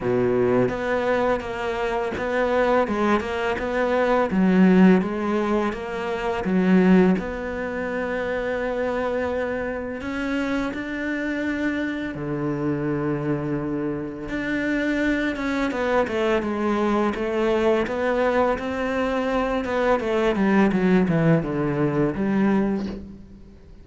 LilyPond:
\new Staff \with { instrumentName = "cello" } { \time 4/4 \tempo 4 = 84 b,4 b4 ais4 b4 | gis8 ais8 b4 fis4 gis4 | ais4 fis4 b2~ | b2 cis'4 d'4~ |
d'4 d2. | d'4. cis'8 b8 a8 gis4 | a4 b4 c'4. b8 | a8 g8 fis8 e8 d4 g4 | }